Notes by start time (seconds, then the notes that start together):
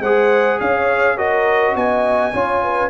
0.00 G#3 G#4 C5 F#5
0.60 C#4 C#5 F5
1.17 F#4 A#4 D#5
1.76 B3 D#5 G#5
2.34 C#4 F4 C#5
2.63 B4